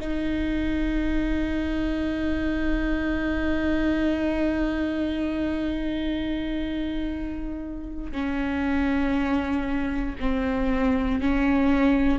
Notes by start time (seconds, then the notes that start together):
0.00 D#4
8.12 C#4
10.20 C4
11.20 C#4